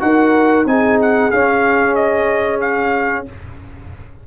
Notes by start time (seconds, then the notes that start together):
0.00 D#4 F#4 A#4 F#5
0.66 C4 D#4 G#4 G#5
1.02 F#5
1.31 C#4 F5
1.96 D#5
2.61 F5